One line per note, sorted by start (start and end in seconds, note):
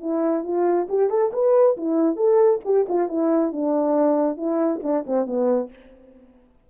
0.00 0.43 E4
0.43 0.87 F4
0.89 1.09 G4
1.09 1.31 A4
1.33 1.76 B4
1.77 2.16 E4
2.16 2.60 A4
2.64 2.86 G4
2.88 3.08 F4
3.08 3.52 E4
3.52 4.37 D4
4.37 4.80 E4
4.83 5.05 D4
5.06 5.26 C4
5.26 5.70 B3